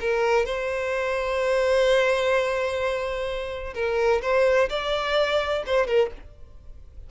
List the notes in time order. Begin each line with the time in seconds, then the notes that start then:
0.00 A#4
0.45 C5
3.74 A#4
4.22 C5
4.69 D5
5.66 C5
5.87 A#4